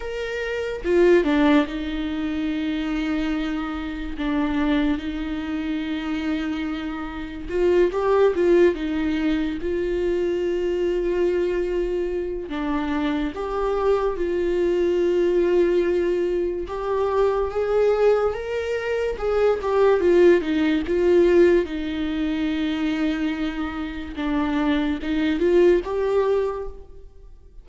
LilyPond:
\new Staff \with { instrumentName = "viola" } { \time 4/4 \tempo 4 = 72 ais'4 f'8 d'8 dis'2~ | dis'4 d'4 dis'2~ | dis'4 f'8 g'8 f'8 dis'4 f'8~ | f'2. d'4 |
g'4 f'2. | g'4 gis'4 ais'4 gis'8 g'8 | f'8 dis'8 f'4 dis'2~ | dis'4 d'4 dis'8 f'8 g'4 | }